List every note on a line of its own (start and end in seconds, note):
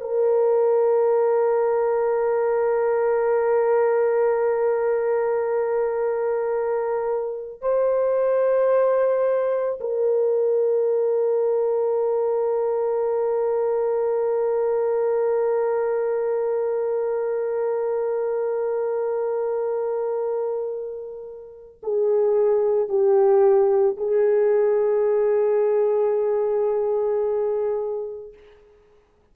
0.00 7.61 A#4
7.61 9.79 C5
9.80 21.80 A#4
21.82 22.88 G#4
22.88 23.97 G4
23.97 28.33 G#4